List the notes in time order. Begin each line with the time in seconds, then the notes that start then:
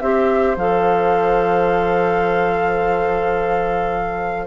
0.00 C4 G4 C5 E5
0.56 F3 A4 F5